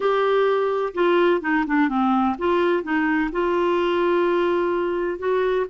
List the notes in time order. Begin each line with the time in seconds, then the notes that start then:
0.00 G4
0.93 F4
1.41 D#4
1.66 D4
1.88 C4
2.38 F4
2.83 D#4
3.32 F4
5.18 F#4